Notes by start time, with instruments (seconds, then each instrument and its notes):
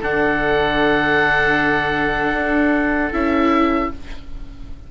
0.00 bassoon D3, viola D4, oboe A4 F#5
2.33 bassoon D4
3.12 bassoon C#4, viola E4, oboe E5